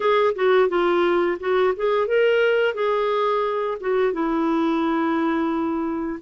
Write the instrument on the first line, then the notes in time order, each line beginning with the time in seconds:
clarinet
0.00 G#4
0.34 F#4
0.69 F4
1.39 F#4
1.76 G#4
2.07 A#4
2.74 G#4
3.80 F#4
4.13 E4